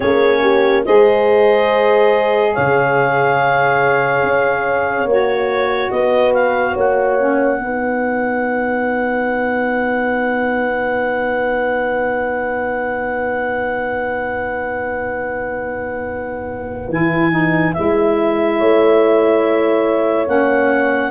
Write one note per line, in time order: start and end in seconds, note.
0.00 0.87 A#3
0.00 0.84 C#4
0.00 0.40 G#4
0.00 0.83 C#5
0.42 0.84 G4
0.85 2.56 G#3
0.85 5.08 G#4
0.85 2.53 C5
0.85 2.54 D#5
2.53 4.22 C#3
2.53 5.91 C#5
2.53 5.08 F5
4.22 5.05 C#4
5.05 5.89 A#3
5.05 7.18 F#4
5.05 5.90 C#5
5.90 6.76 B3
5.90 6.73 B4
5.90 6.33 D#5
6.33 6.76 F5
6.73 7.58 A#3
6.73 7.57 C#5
6.73 16.92 F#5
7.18 7.60 C#4
7.58 16.88 B3
7.58 16.89 D#4
7.58 18.57 B4
16.89 17.73 E3
16.89 17.30 E4
16.89 17.73 G#5
17.30 17.73 D#4
17.73 18.60 G#3
17.73 20.26 E4
17.73 20.26 E5
18.57 20.27 A3
18.57 21.10 C#5
20.26 21.10 A#3
20.26 21.10 C#4
20.26 21.10 F#5